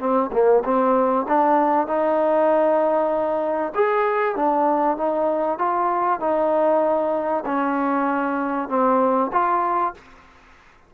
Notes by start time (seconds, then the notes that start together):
0.00 C4
0.33 A#3
0.65 C4
1.28 D4
1.88 D#4
3.75 G#4
4.36 D4
4.98 D#4
5.59 F4
6.21 D#4
7.46 C#4
8.69 C4
9.33 F4